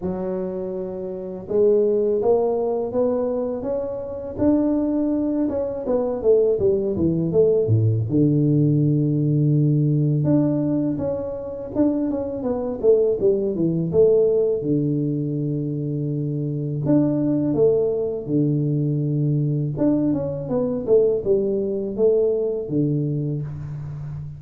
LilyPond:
\new Staff \with { instrumentName = "tuba" } { \time 4/4 \tempo 4 = 82 fis2 gis4 ais4 | b4 cis'4 d'4. cis'8 | b8 a8 g8 e8 a8 a,8 d4~ | d2 d'4 cis'4 |
d'8 cis'8 b8 a8 g8 e8 a4 | d2. d'4 | a4 d2 d'8 cis'8 | b8 a8 g4 a4 d4 | }